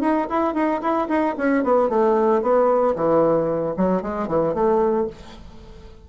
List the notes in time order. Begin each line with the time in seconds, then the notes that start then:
0.00 D#4
0.29 E4
0.54 D#4
0.81 E4
1.08 D#4
1.37 C#4
1.63 B3
1.89 A3
2.42 B3
2.95 E3
3.77 F#3
4.02 G#3
4.27 E3
4.54 A3